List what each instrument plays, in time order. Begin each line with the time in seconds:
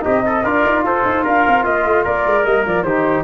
0.00 tuba C4, trombone D#4, trumpet G4, flute D#5
0.25 trumpet A4
0.43 tuba D4, trombone F4, trumpet A#4, flute D5
0.65 tuba D#4
0.82 tuba F4, trumpet A4, flute C5
1.05 tuba D#4
1.24 tuba D4, trumpet A#4, flute F5
1.47 tuba C4
1.64 tuba A#3, trumpet F4, flute D#5
1.85 tuba A3
2.04 tuba A#3, trumpet A#4, flute D5
2.26 tuba G#3
2.44 tuba G3, trombone A#3, flute D#5
2.65 tuba F3, flute D5
2.83 tuba D#3, trombone D#4, trumpet G4, flute C5